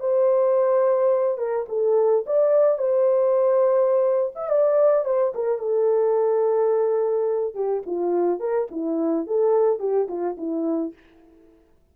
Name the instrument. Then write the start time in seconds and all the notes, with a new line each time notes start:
horn
0.00 C5
1.38 A#4
1.68 A4
2.26 D5
2.78 C5
4.35 E5
4.49 D5
5.05 C5
5.34 A#4
5.58 A4
7.54 G4
7.86 F4
8.40 A#4
8.71 E4
9.27 A4
9.79 G4
10.08 F4
10.37 E4